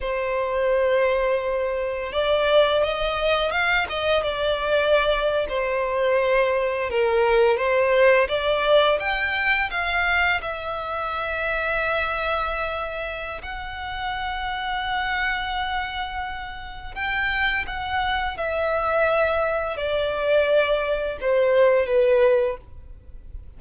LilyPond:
\new Staff \with { instrumentName = "violin" } { \time 4/4 \tempo 4 = 85 c''2. d''4 | dis''4 f''8 dis''8 d''4.~ d''16 c''16~ | c''4.~ c''16 ais'4 c''4 d''16~ | d''8. g''4 f''4 e''4~ e''16~ |
e''2. fis''4~ | fis''1 | g''4 fis''4 e''2 | d''2 c''4 b'4 | }